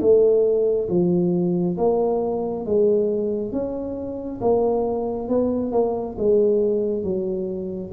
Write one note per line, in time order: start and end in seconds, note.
0.00 0.88 A3
0.89 1.77 F3
1.77 2.65 A#3
2.65 3.52 G#3
3.52 4.40 C#4
4.41 5.29 A#3
5.29 5.72 B3
5.72 6.16 A#3
6.18 7.03 G#3
7.03 7.91 F#3